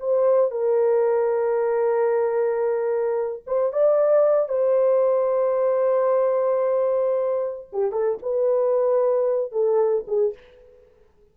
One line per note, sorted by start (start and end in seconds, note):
0.00 0.51 C5
0.51 3.43 A#4
3.47 3.73 C5
3.73 4.49 D5
4.49 7.67 C5
7.73 7.92 G4
7.92 8.18 A4
8.23 9.52 B4
9.52 10.05 A4
10.07 10.34 G#4